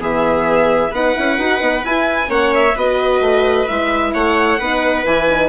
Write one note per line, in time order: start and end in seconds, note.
0.00 0.92 E3
0.00 0.92 B3
0.00 0.91 G#4
0.00 0.95 E5
0.91 1.15 B3
0.91 1.15 D#4
0.91 2.29 B4
0.91 1.85 F#5
1.15 1.39 C#4
1.15 1.38 E4
1.38 1.61 D#4
1.38 1.59 F#4
1.59 1.84 B3
1.59 1.82 D#4
1.85 2.29 E4
1.85 2.26 E4
1.85 2.31 G#5
2.26 2.75 A#3
2.26 2.72 C#4
2.26 2.76 C#5
2.26 2.54 F#5
2.55 2.78 E5
2.76 3.21 B3
2.76 3.68 F#4
2.76 4.13 B4
2.76 3.68 D#5
3.21 3.67 A3
3.68 4.14 G#3
3.68 4.60 E4
3.68 4.14 E5
4.14 4.60 A3
4.14 4.59 C#5
4.14 5.06 F#5
4.59 5.06 B3
4.59 5.06 D#4
4.59 5.49 B4
5.06 5.49 E3
5.06 5.28 E4
5.06 5.49 G#5
5.30 5.49 D#4